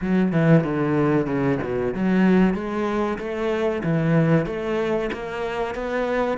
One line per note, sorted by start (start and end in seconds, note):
0.01 0.32 F#3
0.32 0.64 E3
0.64 1.26 D3
1.26 1.58 C#3
1.62 1.94 B2
1.94 2.54 F#3
2.54 3.17 G#3
3.18 3.82 A3
3.83 4.46 E3
4.46 5.09 A3
5.12 5.74 A#3
5.74 6.37 B3